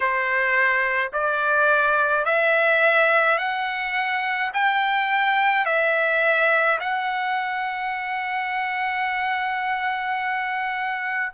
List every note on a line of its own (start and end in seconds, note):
0.00 1.11 C5
1.13 2.25 D5
2.25 3.38 E5
3.38 4.51 F#5
4.53 5.66 G5
5.66 6.79 E5
6.80 11.33 F#5